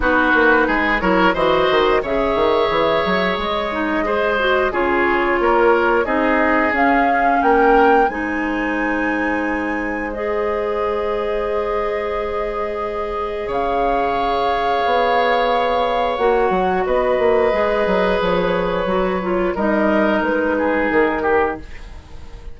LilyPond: <<
  \new Staff \with { instrumentName = "flute" } { \time 4/4 \tempo 4 = 89 b'4. cis''8 dis''4 e''4~ | e''4 dis''2 cis''4~ | cis''4 dis''4 f''4 g''4 | gis''2. dis''4~ |
dis''1 | f''1 | fis''4 dis''2 cis''4~ | cis''4 dis''4 b'4 ais'4 | }
  \new Staff \with { instrumentName = "oboe" } { \time 4/4 fis'4 gis'8 ais'8 c''4 cis''4~ | cis''2 c''4 gis'4 | ais'4 gis'2 ais'4 | c''1~ |
c''1 | cis''1~ | cis''4 b'2.~ | b'4 ais'4. gis'4 g'8 | }
  \new Staff \with { instrumentName = "clarinet" } { \time 4/4 dis'4. e'8 fis'4 gis'4~ | gis'4. dis'8 gis'8 fis'8 f'4~ | f'4 dis'4 cis'2 | dis'2. gis'4~ |
gis'1~ | gis'1 | fis'2 gis'2 | fis'8 f'8 dis'2. | }
  \new Staff \with { instrumentName = "bassoon" } { \time 4/4 b8 ais8 gis8 fis8 e8 dis8 cis8 dis8 | e8 fis8 gis2 cis4 | ais4 c'4 cis'4 ais4 | gis1~ |
gis1 | cis2 b2 | ais8 fis8 b8 ais8 gis8 fis8 f4 | fis4 g4 gis4 dis4 | }
>>